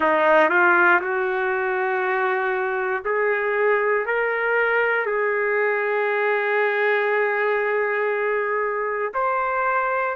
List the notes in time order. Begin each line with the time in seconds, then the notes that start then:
0.00 D#4
0.49 F4
1.00 F#4
3.04 G#4
4.05 A#4
5.06 G#4
9.14 C5